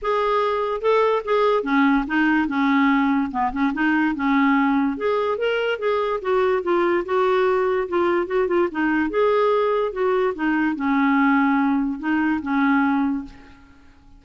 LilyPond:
\new Staff \with { instrumentName = "clarinet" } { \time 4/4 \tempo 4 = 145 gis'2 a'4 gis'4 | cis'4 dis'4 cis'2 | b8 cis'8 dis'4 cis'2 | gis'4 ais'4 gis'4 fis'4 |
f'4 fis'2 f'4 | fis'8 f'8 dis'4 gis'2 | fis'4 dis'4 cis'2~ | cis'4 dis'4 cis'2 | }